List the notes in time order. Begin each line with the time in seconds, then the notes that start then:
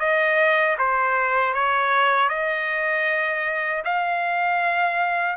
0.00 D#5
0.78 C5
1.54 C#5
2.29 D#5
3.85 F5